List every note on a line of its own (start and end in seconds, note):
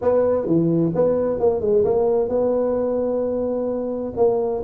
0.01 0.46 B3
0.46 0.92 E3
0.95 1.39 B3
1.39 1.60 A#3
1.60 1.84 G#3
1.84 2.28 A#3
2.28 4.13 B3
4.16 4.62 A#3